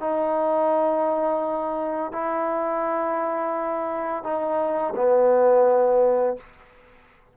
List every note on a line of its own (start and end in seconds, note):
0.00 2.12 D#4
2.12 4.23 E4
4.23 4.94 D#4
4.96 6.37 B3